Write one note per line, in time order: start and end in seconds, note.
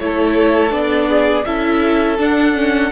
0.00 0.71 A3
0.00 0.70 E4
0.00 1.09 A4
0.00 0.72 C#5
0.70 1.45 B3
0.70 1.43 D4
0.70 1.45 D5
1.09 1.45 G#4
1.45 2.19 C#4
1.45 2.18 E4
1.45 2.92 A4
1.45 2.18 E5
2.18 2.54 D4
2.18 2.92 D4
2.18 2.92 F#5
2.54 2.91 C#4